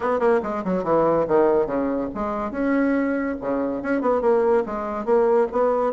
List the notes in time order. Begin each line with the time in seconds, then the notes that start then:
0.00 B3
0.19 A#3
0.42 G#3
0.64 F#3
0.83 E3
1.27 D#3
1.66 C#3
2.14 G#3
2.51 C#4
3.41 C#3
3.82 C#4
4.01 B3
4.21 A#3
4.66 G#3
5.05 A#3
5.52 B3